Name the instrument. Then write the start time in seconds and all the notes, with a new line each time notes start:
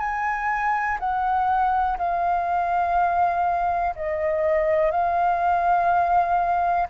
flute
0.00 G#5
1.00 F#5
1.99 F5
3.96 D#5
4.92 F5